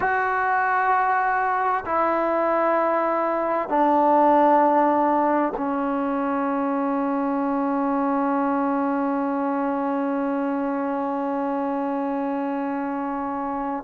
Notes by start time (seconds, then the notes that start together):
0.00 F#4
1.85 E4
3.68 D4
5.57 C#4